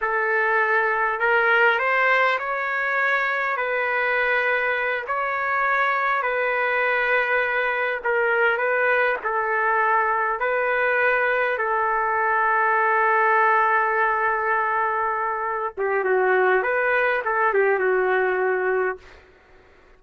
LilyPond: \new Staff \with { instrumentName = "trumpet" } { \time 4/4 \tempo 4 = 101 a'2 ais'4 c''4 | cis''2 b'2~ | b'8 cis''2 b'4.~ | b'4. ais'4 b'4 a'8~ |
a'4. b'2 a'8~ | a'1~ | a'2~ a'8 g'8 fis'4 | b'4 a'8 g'8 fis'2 | }